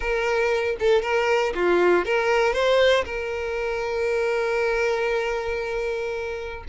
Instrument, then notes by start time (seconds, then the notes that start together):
violin
0.00 A#4
0.79 A4
1.01 A#4
1.55 F4
2.05 A#4
2.53 C5
3.04 A#4